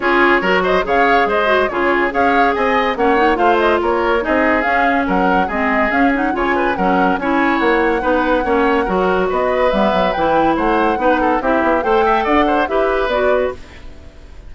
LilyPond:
<<
  \new Staff \with { instrumentName = "flute" } { \time 4/4 \tempo 4 = 142 cis''4. dis''8 f''4 dis''4 | cis''4 f''4 gis''4 fis''4 | f''8 dis''8 cis''4 dis''4 f''4 | fis''4 dis''4 f''8 fis''8 gis''4 |
fis''4 gis''4 fis''2~ | fis''2 dis''4 e''4 | g''4 fis''2 e''4 | g''4 fis''4 e''4 d''4 | }
  \new Staff \with { instrumentName = "oboe" } { \time 4/4 gis'4 ais'8 c''8 cis''4 c''4 | gis'4 cis''4 dis''4 cis''4 | c''4 ais'4 gis'2 | ais'4 gis'2 cis''8 b'8 |
ais'4 cis''2 b'4 | cis''4 ais'4 b'2~ | b'4 c''4 b'8 a'8 g'4 | c''8 e''8 d''8 c''8 b'2 | }
  \new Staff \with { instrumentName = "clarinet" } { \time 4/4 f'4 fis'4 gis'4. fis'8 | f'4 gis'2 cis'8 dis'8 | f'2 dis'4 cis'4~ | cis'4 c'4 cis'8 dis'8 f'4 |
cis'4 e'2 dis'4 | cis'4 fis'2 b4 | e'2 dis'4 e'4 | a'2 g'4 fis'4 | }
  \new Staff \with { instrumentName = "bassoon" } { \time 4/4 cis'4 fis4 cis4 gis4 | cis4 cis'4 c'4 ais4 | a4 ais4 c'4 cis'4 | fis4 gis4 cis'4 cis4 |
fis4 cis'4 ais4 b4 | ais4 fis4 b4 g8 fis8 | e4 a4 b4 c'8 b8 | a4 d'4 e'4 b4 | }
>>